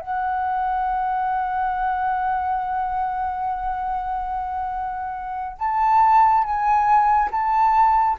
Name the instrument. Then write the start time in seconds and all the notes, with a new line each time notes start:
flute
0.00 F#5
5.59 A5
6.44 G#5
7.31 A5